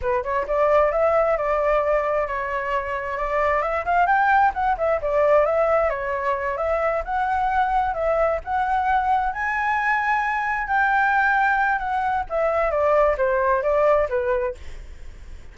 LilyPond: \new Staff \with { instrumentName = "flute" } { \time 4/4 \tempo 4 = 132 b'8 cis''8 d''4 e''4 d''4~ | d''4 cis''2 d''4 | e''8 f''8 g''4 fis''8 e''8 d''4 | e''4 cis''4. e''4 fis''8~ |
fis''4. e''4 fis''4.~ | fis''8 gis''2. g''8~ | g''2 fis''4 e''4 | d''4 c''4 d''4 b'4 | }